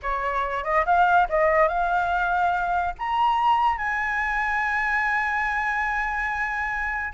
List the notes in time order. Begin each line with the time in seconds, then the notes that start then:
0.02 C#5
0.64 D#5
0.85 F5
1.29 D#5
1.68 F5
2.98 A#5
3.77 G#5